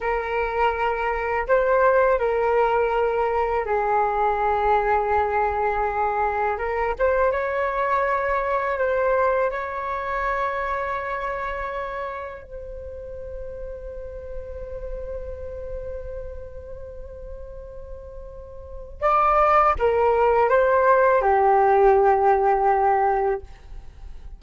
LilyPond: \new Staff \with { instrumentName = "flute" } { \time 4/4 \tempo 4 = 82 ais'2 c''4 ais'4~ | ais'4 gis'2.~ | gis'4 ais'8 c''8 cis''2 | c''4 cis''2.~ |
cis''4 c''2.~ | c''1~ | c''2 d''4 ais'4 | c''4 g'2. | }